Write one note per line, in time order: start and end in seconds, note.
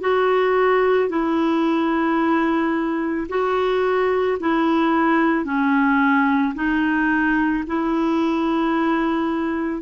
0.00 1.09 F#4
1.09 3.27 E4
3.29 4.38 F#4
4.40 5.44 E4
5.44 6.54 C#4
6.55 7.64 D#4
7.66 9.82 E4